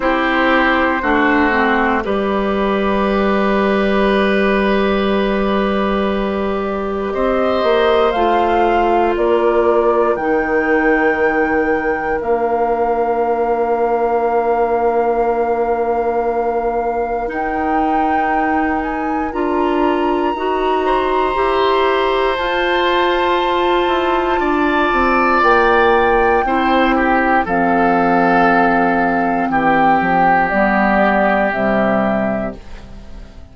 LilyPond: <<
  \new Staff \with { instrumentName = "flute" } { \time 4/4 \tempo 4 = 59 c''2 d''2~ | d''2. dis''4 | f''4 d''4 g''2 | f''1~ |
f''4 g''4. gis''8 ais''4~ | ais''2 a''2~ | a''4 g''2 f''4~ | f''4 g''4 d''4 e''4 | }
  \new Staff \with { instrumentName = "oboe" } { \time 4/4 g'4 fis'4 b'2~ | b'2. c''4~ | c''4 ais'2.~ | ais'1~ |
ais'1~ | ais'8 c''2.~ c''8 | d''2 c''8 g'8 a'4~ | a'4 g'2. | }
  \new Staff \with { instrumentName = "clarinet" } { \time 4/4 e'4 d'8 c'8 g'2~ | g'1 | f'2 dis'2 | d'1~ |
d'4 dis'2 f'4 | fis'4 g'4 f'2~ | f'2 e'4 c'4~ | c'2 b4 g4 | }
  \new Staff \with { instrumentName = "bassoon" } { \time 4/4 c'4 a4 g2~ | g2. c'8 ais8 | a4 ais4 dis2 | ais1~ |
ais4 dis'2 d'4 | dis'4 e'4 f'4. e'8 | d'8 c'8 ais4 c'4 f4~ | f4 e8 f8 g4 c4 | }
>>